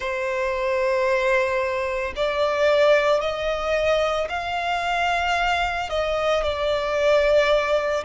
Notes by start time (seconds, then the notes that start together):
0.00 C5
2.15 D5
3.20 D#5
4.29 F5
5.89 D#5
6.43 D5